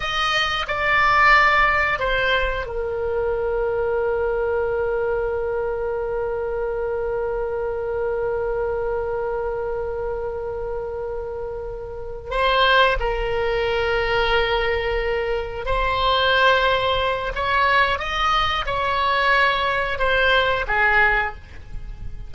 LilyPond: \new Staff \with { instrumentName = "oboe" } { \time 4/4 \tempo 4 = 90 dis''4 d''2 c''4 | ais'1~ | ais'1~ | ais'1~ |
ais'2~ ais'8 c''4 ais'8~ | ais'2.~ ais'8 c''8~ | c''2 cis''4 dis''4 | cis''2 c''4 gis'4 | }